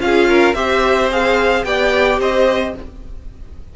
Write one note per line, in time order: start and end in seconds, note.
0.00 0.54 C#4
0.00 0.55 F4
0.00 0.29 G#4
0.00 0.54 F5
0.29 0.56 A#4
0.54 1.64 C4
0.54 1.11 G4
0.54 1.66 C5
0.54 1.10 E5
1.12 1.66 G#4
1.12 1.65 F5
1.64 2.19 B3
1.64 2.76 G4
1.64 2.20 D5
1.64 2.20 G5
2.19 2.74 C4
2.19 2.75 C5
2.19 2.77 D#5